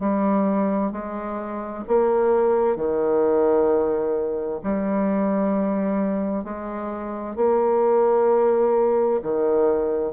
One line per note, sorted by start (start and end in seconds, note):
0.00 0.92 G3
0.92 1.85 G#3
1.88 2.77 A#3
2.77 4.61 D#3
4.64 6.44 G3
6.44 7.36 G#3
7.36 9.21 A#3
9.23 10.13 D#3